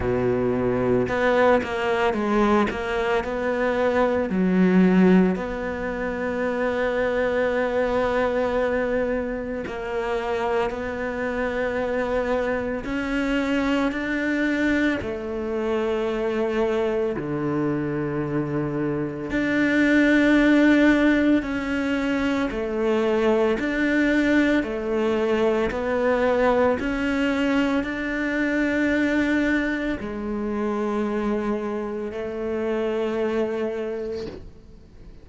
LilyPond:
\new Staff \with { instrumentName = "cello" } { \time 4/4 \tempo 4 = 56 b,4 b8 ais8 gis8 ais8 b4 | fis4 b2.~ | b4 ais4 b2 | cis'4 d'4 a2 |
d2 d'2 | cis'4 a4 d'4 a4 | b4 cis'4 d'2 | gis2 a2 | }